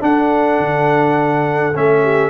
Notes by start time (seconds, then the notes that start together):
0.00 D4 A4 F#5
0.59 D3
1.74 A3 C#4 E5
2.03 G4